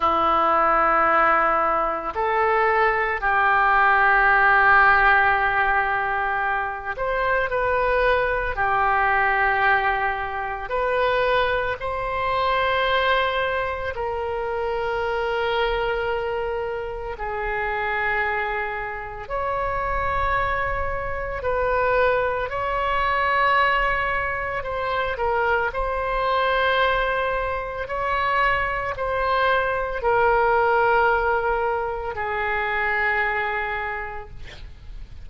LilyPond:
\new Staff \with { instrumentName = "oboe" } { \time 4/4 \tempo 4 = 56 e'2 a'4 g'4~ | g'2~ g'8 c''8 b'4 | g'2 b'4 c''4~ | c''4 ais'2. |
gis'2 cis''2 | b'4 cis''2 c''8 ais'8 | c''2 cis''4 c''4 | ais'2 gis'2 | }